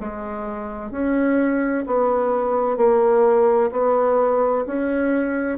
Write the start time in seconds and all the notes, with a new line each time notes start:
0.00 G#3
0.91 C#4
1.87 B3
2.77 A#3
3.71 B3
4.66 C#4